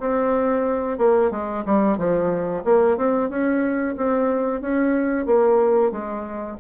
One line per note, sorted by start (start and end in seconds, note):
0.00 0.98 C4
0.98 1.31 A#3
1.31 1.64 G#3
1.66 1.98 G3
1.98 2.63 F3
2.65 2.97 A#3
2.97 3.30 C4
3.30 3.96 C#4
3.97 4.61 C4
4.61 5.26 C#4
5.26 5.91 A#3
5.91 6.57 G#3